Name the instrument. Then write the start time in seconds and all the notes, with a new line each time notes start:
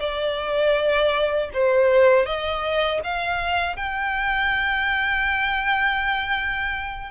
violin
0.00 D5
1.54 C5
2.26 D#5
3.04 F5
3.77 G5